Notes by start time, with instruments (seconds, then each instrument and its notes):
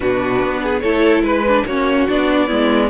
0.00 cello B2, viola D4, violin F#4 B4
0.41 cello B3
0.63 violin G#4
0.80 cello A3, viola E4, violin A4 C#5
1.22 cello G#3, violin B4
1.48 viola D4
1.65 cello A#3, viola C#4, violin F#4 C#5
2.07 cello B3, viola D4, violin D5
2.46 cello G#3, viola B3, violin E4